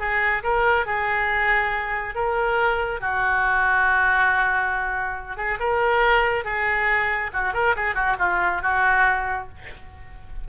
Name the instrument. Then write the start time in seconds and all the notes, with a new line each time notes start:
oboe
0.00 G#4
0.43 A#4
0.87 G#4
2.15 A#4
3.01 F#4
5.37 G#4
5.60 A#4
6.45 G#4
7.34 F#4
7.54 A#4
7.76 G#4
7.95 F#4
8.19 F4
8.62 F#4